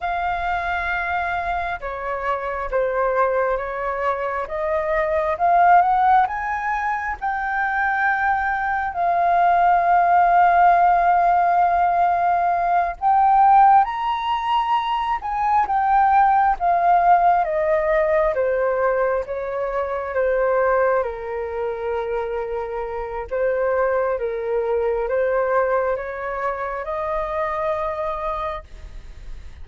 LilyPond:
\new Staff \with { instrumentName = "flute" } { \time 4/4 \tempo 4 = 67 f''2 cis''4 c''4 | cis''4 dis''4 f''8 fis''8 gis''4 | g''2 f''2~ | f''2~ f''8 g''4 ais''8~ |
ais''4 gis''8 g''4 f''4 dis''8~ | dis''8 c''4 cis''4 c''4 ais'8~ | ais'2 c''4 ais'4 | c''4 cis''4 dis''2 | }